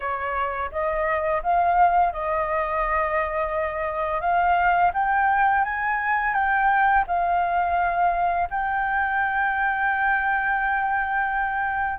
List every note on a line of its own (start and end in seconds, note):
0.00 0.70 C#5
0.71 1.42 D#5
1.42 2.12 F5
2.12 4.21 D#5
4.21 4.91 F5
4.93 5.64 G5
5.64 6.33 G#5
6.33 7.04 G5
7.07 8.48 F5
8.50 11.99 G5